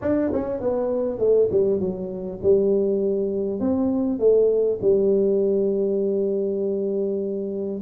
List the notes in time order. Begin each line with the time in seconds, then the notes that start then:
0.01 D4
0.33 C#4
0.60 B3
1.18 A3
1.51 G3
1.80 F#3
2.42 G3
3.60 C4
4.19 A3
4.81 G3